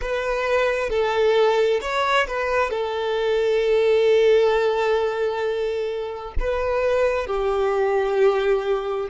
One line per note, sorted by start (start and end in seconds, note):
0.01 0.89 B4
0.89 1.80 A4
1.81 2.26 C#5
2.27 2.70 B4
2.70 6.33 A4
6.39 7.26 B4
7.26 9.08 G4